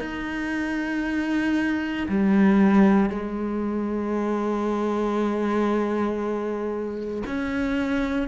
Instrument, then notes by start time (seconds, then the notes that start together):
cello
0.00 D#4
2.08 G3
3.09 G#3
7.26 C#4